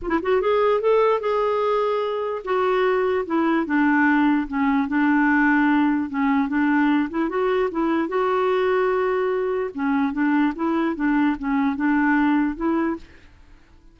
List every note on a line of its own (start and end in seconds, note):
0.02 0.09 F4
0.09 0.19 E4
0.22 0.41 F#4
0.41 0.81 G#4
0.81 1.20 A4
1.20 2.42 G#4
2.44 3.25 F#4
3.26 3.66 E4
3.66 4.47 D4
4.47 4.88 C#4
4.88 6.09 D4
6.09 6.48 C#4
6.48 7.09 D4
7.09 7.29 E4
7.29 7.69 F#4
7.71 8.08 E4
8.08 9.70 F#4
9.74 10.12 C#4
10.12 10.53 D4
10.55 10.95 E4
10.95 11.36 D4
11.39 11.75 C#4
11.75 12.55 D4
12.55 12.96 E4